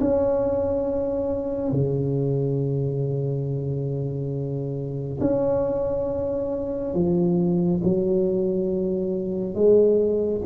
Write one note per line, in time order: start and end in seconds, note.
0.00 1.71 C#4
1.71 5.19 C#3
5.20 6.94 C#4
6.94 7.81 F3
7.83 9.54 F#3
9.54 10.41 G#3